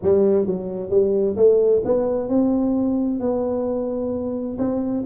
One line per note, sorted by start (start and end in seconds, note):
0.02 0.46 G3
0.46 0.90 F#3
0.90 1.36 G3
1.36 1.82 A3
1.84 2.28 B3
2.28 3.20 C4
3.20 4.57 B3
4.58 5.04 C4